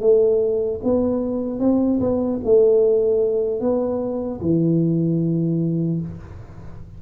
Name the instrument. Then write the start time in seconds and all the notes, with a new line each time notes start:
tuba
0.00 A3
0.83 B3
1.59 C4
2.00 B3
2.44 A3
3.60 B3
4.40 E3